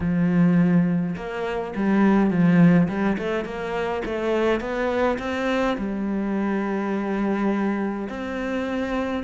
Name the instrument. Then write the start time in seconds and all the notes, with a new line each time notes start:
cello
0.00 F3
1.16 A#3
1.75 G3
2.30 F3
2.88 G3
3.18 A3
3.45 A#3
4.05 A3
4.60 B3
5.18 C4
5.77 G3
8.09 C4